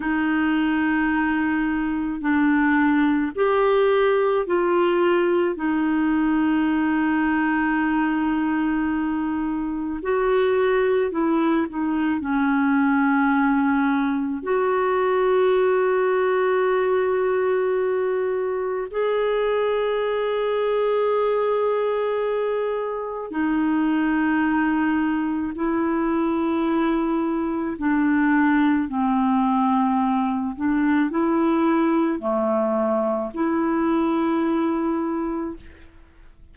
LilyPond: \new Staff \with { instrumentName = "clarinet" } { \time 4/4 \tempo 4 = 54 dis'2 d'4 g'4 | f'4 dis'2.~ | dis'4 fis'4 e'8 dis'8 cis'4~ | cis'4 fis'2.~ |
fis'4 gis'2.~ | gis'4 dis'2 e'4~ | e'4 d'4 c'4. d'8 | e'4 a4 e'2 | }